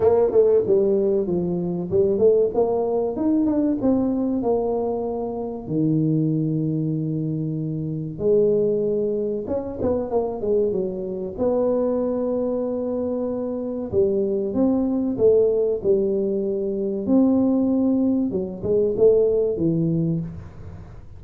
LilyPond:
\new Staff \with { instrumentName = "tuba" } { \time 4/4 \tempo 4 = 95 ais8 a8 g4 f4 g8 a8 | ais4 dis'8 d'8 c'4 ais4~ | ais4 dis2.~ | dis4 gis2 cis'8 b8 |
ais8 gis8 fis4 b2~ | b2 g4 c'4 | a4 g2 c'4~ | c'4 fis8 gis8 a4 e4 | }